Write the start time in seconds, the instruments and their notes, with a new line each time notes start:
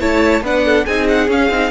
0.00 cello A3, viola E4, violin C#5 A5
0.41 cello B3, viola D4, violin B4 F#5
0.66 violin A4
0.86 cello C4, viola D#4, violin G#4 G#5
1.08 violin F#5
1.28 cello C#4, viola C#4, violin F5
1.49 cello C4, viola D#4